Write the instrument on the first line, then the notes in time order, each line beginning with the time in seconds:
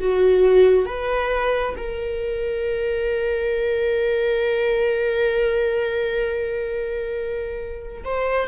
viola
0.00 F#4
0.86 B4
1.77 A#4
8.05 C5